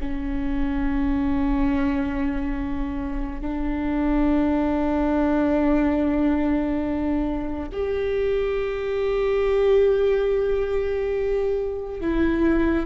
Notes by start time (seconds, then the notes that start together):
0.00 C#4
3.41 D4
7.72 G4
12.00 E4